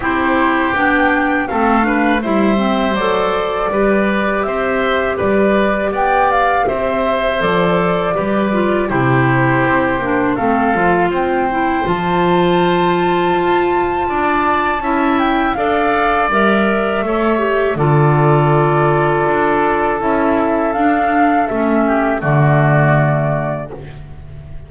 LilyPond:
<<
  \new Staff \with { instrumentName = "flute" } { \time 4/4 \tempo 4 = 81 c''4 g''4 f''4 e''4 | d''2 e''4 d''4 | g''8 f''8 e''4 d''2 | c''2 f''4 g''4 |
a''1~ | a''8 g''8 f''4 e''2 | d''2. e''4 | f''4 e''4 d''2 | }
  \new Staff \with { instrumentName = "oboe" } { \time 4/4 g'2 a'8 b'8 c''4~ | c''4 b'4 c''4 b'4 | d''4 c''2 b'4 | g'2 a'4 c''4~ |
c''2. d''4 | e''4 d''2 cis''4 | a'1~ | a'4. g'8 fis'2 | }
  \new Staff \with { instrumentName = "clarinet" } { \time 4/4 e'4 d'4 c'8 d'8 e'8 c'8 | a'4 g'2.~ | g'2 a'4 g'8 f'8 | e'4. d'8 c'8 f'4 e'8 |
f'1 | e'4 a'4 ais'4 a'8 g'8 | f'2. e'4 | d'4 cis'4 a2 | }
  \new Staff \with { instrumentName = "double bass" } { \time 4/4 c'4 b4 a4 g4 | fis4 g4 c'4 g4 | b4 c'4 f4 g4 | c4 c'8 ais8 a8 f8 c'4 |
f2 f'4 d'4 | cis'4 d'4 g4 a4 | d2 d'4 cis'4 | d'4 a4 d2 | }
>>